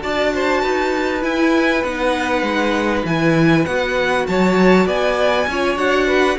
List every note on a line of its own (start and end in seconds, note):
0.00 0.64 D4
0.00 1.21 F#4
0.00 0.33 D5
0.00 1.23 A5
0.34 0.62 C5
0.62 1.24 D#4
0.62 4.26 B4
1.21 1.82 E4
1.21 1.84 E4
1.21 1.84 G#5
1.84 2.43 B3
1.84 3.07 D#4
1.84 3.05 F#5
2.43 3.03 G#3
3.05 3.65 E3
3.05 3.67 E4
3.05 3.66 G#5
3.66 4.28 B3
3.66 5.49 F#4
3.66 4.26 F#5
4.27 4.86 F#3
4.27 4.87 C#5
4.27 4.88 A5
4.86 5.47 B3
4.86 5.48 D5
4.86 5.78 G#5
5.48 5.76 C#4
5.48 5.77 F4
5.48 6.07 C#5
5.76 6.37 D4
5.76 6.37 F#4
5.76 6.38 F#5
6.07 6.38 B4